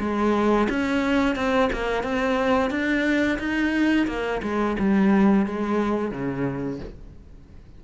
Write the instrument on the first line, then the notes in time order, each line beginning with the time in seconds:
cello
0.00 G#3
0.70 C#4
1.36 C4
1.73 A#3
2.03 C4
2.71 D4
3.39 D#4
4.08 A#3
4.43 G#3
4.79 G3
5.46 G#3
6.11 C#3